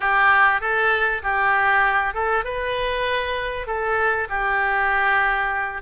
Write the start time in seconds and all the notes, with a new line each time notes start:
0.00 G4
0.60 A4
1.22 G4
2.14 A4
2.44 B4
3.67 A4
4.29 G4